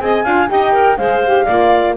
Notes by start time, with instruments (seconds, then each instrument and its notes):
0.00 double bass C4, saxophone G#4, clarinet D#5, flute G#5
0.24 double bass D4, saxophone F4, clarinet F5
0.47 double bass D#4, saxophone G4, clarinet D#5, flute G5
0.73 clarinet A#4
0.98 double bass G#3, saxophone G#4, clarinet C5, flute F5
1.24 saxophone G4
1.45 double bass A#3, saxophone F4, clarinet D5